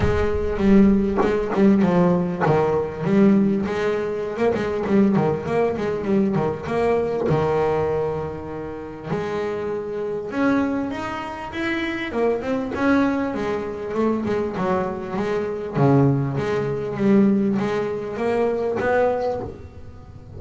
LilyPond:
\new Staff \with { instrumentName = "double bass" } { \time 4/4 \tempo 4 = 99 gis4 g4 gis8 g8 f4 | dis4 g4 gis4~ gis16 ais16 gis8 | g8 dis8 ais8 gis8 g8 dis8 ais4 | dis2. gis4~ |
gis4 cis'4 dis'4 e'4 | ais8 c'8 cis'4 gis4 a8 gis8 | fis4 gis4 cis4 gis4 | g4 gis4 ais4 b4 | }